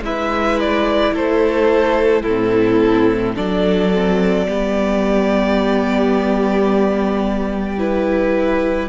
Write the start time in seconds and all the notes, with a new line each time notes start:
0.00 G#3 E4 B4 E5
0.59 D5
1.12 A3 A4 C5
2.22 A2 C4 E4 A4
3.35 F#3 D4 A4 D5
3.93 C4
4.47 G3 B3 G4
7.78 E4 B4